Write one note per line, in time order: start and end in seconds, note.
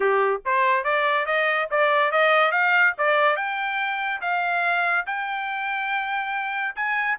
0.00 0.41 G4
0.45 0.83 C5
0.83 1.26 D5
1.26 1.68 D#5
1.70 2.11 D5
2.11 2.51 D#5
2.51 2.93 F5
2.98 3.36 D5
3.36 4.21 G5
4.21 5.05 F5
5.06 6.75 G5
6.75 7.17 G#5